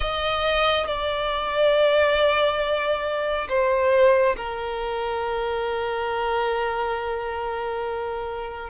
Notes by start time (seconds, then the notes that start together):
0.00 D#5
0.87 D5
3.49 C5
4.36 A#4